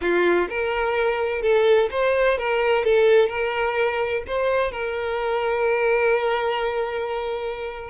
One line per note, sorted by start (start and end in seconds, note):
0.01 0.48 F4
0.49 1.42 A#4
1.42 1.89 A4
1.90 2.38 C5
2.38 2.84 A#4
2.84 3.28 A4
3.28 4.23 A#4
4.27 4.71 C5
4.71 7.90 A#4